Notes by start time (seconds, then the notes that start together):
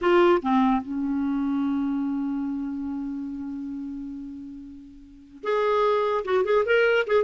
0.01 F4
0.42 C4
0.82 C#4
5.43 G#4
6.24 F#4
6.44 G#4
6.65 A#4
7.06 G#4